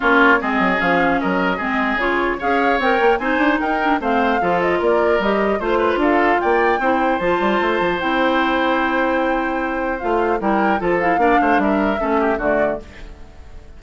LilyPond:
<<
  \new Staff \with { instrumentName = "flute" } { \time 4/4 \tempo 4 = 150 cis''4 dis''4 f''4 dis''4~ | dis''4 cis''4 f''4 g''4 | gis''4 g''4 f''4. dis''8 | d''4 dis''4 c''4 f''4 |
g''2 a''2 | g''1~ | g''4 f''4 g''4 a''8 f''8~ | f''4 e''2 d''4 | }
  \new Staff \with { instrumentName = "oboe" } { \time 4/4 f'4 gis'2 ais'4 | gis'2 cis''2 | c''4 ais'4 c''4 a'4 | ais'2 c''8 b'8 a'4 |
d''4 c''2.~ | c''1~ | c''2 ais'4 a'4 | d''8 c''8 ais'4 a'8 g'8 fis'4 | }
  \new Staff \with { instrumentName = "clarinet" } { \time 4/4 cis'4 c'4 cis'2 | c'4 f'4 gis'4 ais'4 | dis'4. d'8 c'4 f'4~ | f'4 g'4 f'2~ |
f'4 e'4 f'2 | e'1~ | e'4 f'4 e'4 f'8 e'8 | d'2 cis'4 a4 | }
  \new Staff \with { instrumentName = "bassoon" } { \time 4/4 ais4 gis8 fis8 f4 fis4 | gis4 cis4 cis'4 c'8 ais8 | c'8 d'8 dis'4 a4 f4 | ais4 g4 a4 d'4 |
ais4 c'4 f8 g8 a8 f8 | c'1~ | c'4 a4 g4 f4 | ais8 a8 g4 a4 d4 | }
>>